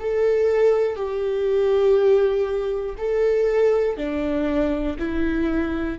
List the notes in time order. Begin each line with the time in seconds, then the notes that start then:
0.00 A4
0.96 G4
2.97 A4
3.97 D4
4.99 E4